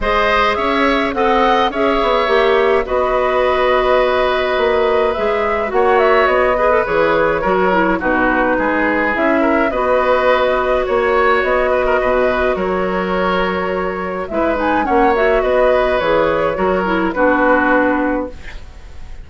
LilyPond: <<
  \new Staff \with { instrumentName = "flute" } { \time 4/4 \tempo 4 = 105 dis''4 e''4 fis''4 e''4~ | e''4 dis''2.~ | dis''4 e''4 fis''8 e''8 dis''4 | cis''2 b'2 |
e''4 dis''2 cis''4 | dis''2 cis''2~ | cis''4 e''8 gis''8 fis''8 e''8 dis''4 | cis''2 b'2 | }
  \new Staff \with { instrumentName = "oboe" } { \time 4/4 c''4 cis''4 dis''4 cis''4~ | cis''4 b'2.~ | b'2 cis''4. b'8~ | b'4 ais'4 fis'4 gis'4~ |
gis'8 ais'8 b'2 cis''4~ | cis''8 b'16 ais'16 b'4 ais'2~ | ais'4 b'4 cis''4 b'4~ | b'4 ais'4 fis'2 | }
  \new Staff \with { instrumentName = "clarinet" } { \time 4/4 gis'2 a'4 gis'4 | g'4 fis'2.~ | fis'4 gis'4 fis'4. gis'16 a'16 | gis'4 fis'8 e'8 dis'2 |
e'4 fis'2.~ | fis'1~ | fis'4 e'8 dis'8 cis'8 fis'4. | gis'4 fis'8 e'8 d'2 | }
  \new Staff \with { instrumentName = "bassoon" } { \time 4/4 gis4 cis'4 c'4 cis'8 b8 | ais4 b2. | ais4 gis4 ais4 b4 | e4 fis4 b,4 gis4 |
cis'4 b2 ais4 | b4 b,4 fis2~ | fis4 gis4 ais4 b4 | e4 fis4 b2 | }
>>